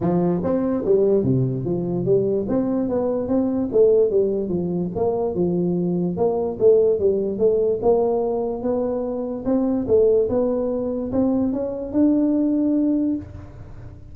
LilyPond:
\new Staff \with { instrumentName = "tuba" } { \time 4/4 \tempo 4 = 146 f4 c'4 g4 c4 | f4 g4 c'4 b4 | c'4 a4 g4 f4 | ais4 f2 ais4 |
a4 g4 a4 ais4~ | ais4 b2 c'4 | a4 b2 c'4 | cis'4 d'2. | }